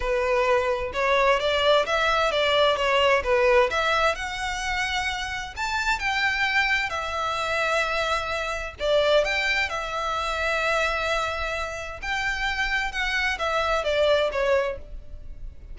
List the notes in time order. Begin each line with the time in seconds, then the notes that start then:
0.00 B4
0.93 C#5
1.39 D5
1.86 E5
2.31 D5
2.76 C#5
3.23 B4
3.70 E5
4.15 F#5
5.56 A5
5.99 G5
6.89 E5
8.79 D5
9.24 G5
9.69 E5
12.02 G5
12.92 F#5
13.38 E5
13.84 D5
14.32 C#5